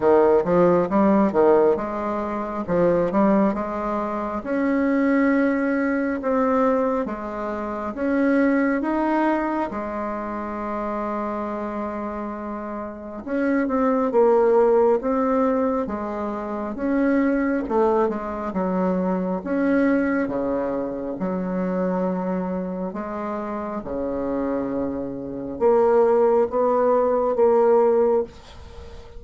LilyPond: \new Staff \with { instrumentName = "bassoon" } { \time 4/4 \tempo 4 = 68 dis8 f8 g8 dis8 gis4 f8 g8 | gis4 cis'2 c'4 | gis4 cis'4 dis'4 gis4~ | gis2. cis'8 c'8 |
ais4 c'4 gis4 cis'4 | a8 gis8 fis4 cis'4 cis4 | fis2 gis4 cis4~ | cis4 ais4 b4 ais4 | }